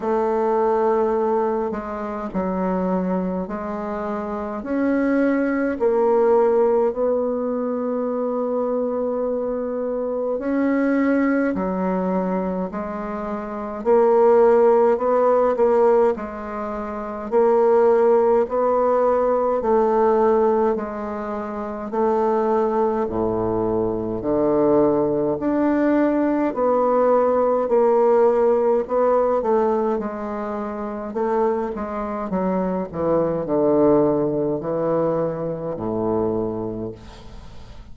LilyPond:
\new Staff \with { instrumentName = "bassoon" } { \time 4/4 \tempo 4 = 52 a4. gis8 fis4 gis4 | cis'4 ais4 b2~ | b4 cis'4 fis4 gis4 | ais4 b8 ais8 gis4 ais4 |
b4 a4 gis4 a4 | a,4 d4 d'4 b4 | ais4 b8 a8 gis4 a8 gis8 | fis8 e8 d4 e4 a,4 | }